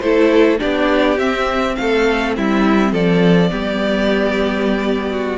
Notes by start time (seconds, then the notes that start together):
0.00 A3 E4 A4 C5
0.59 B3 D4 G4 D5
1.18 C4 E5
1.76 A3 A4 F5
2.37 G3 E4 E5
2.92 F3 A4 D5
3.51 G3 B3 G4
5.11 F#4